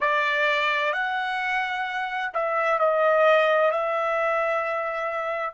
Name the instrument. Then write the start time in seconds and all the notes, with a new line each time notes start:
trumpet
0.00 D5
0.92 F#5
2.33 E5
2.79 D#5
3.71 E5